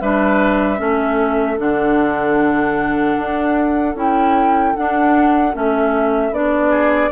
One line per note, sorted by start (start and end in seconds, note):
0.00 0.79 G3
0.00 0.77 D4
0.00 0.79 B4
0.00 1.58 E5
0.77 1.58 A3
0.77 1.56 C#4
0.77 6.70 A4
1.57 3.17 D3
1.57 3.94 D4
1.57 3.97 F#5
3.18 3.95 D4
3.95 4.74 C#4
3.95 4.75 E4
3.95 4.76 G5
4.76 5.53 D4
4.76 5.55 D4
4.76 5.55 F#5
5.53 6.31 A3
5.53 6.32 C#4
5.53 6.34 E5
6.31 7.10 B3
6.31 7.11 D4
6.31 7.11 D5
6.70 7.09 G#4